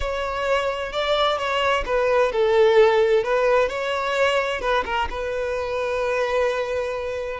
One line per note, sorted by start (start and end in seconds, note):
0.00 0.92 C#5
0.92 1.37 D5
1.37 1.84 C#5
1.85 2.31 B4
2.31 3.23 A4
3.23 3.68 B4
3.68 4.60 C#5
4.60 4.83 B4
4.85 5.08 A#4
5.10 7.40 B4